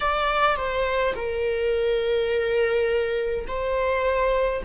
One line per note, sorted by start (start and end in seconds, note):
0.00 0.56 D5
0.56 1.14 C5
1.15 3.46 A#4
3.47 4.63 C5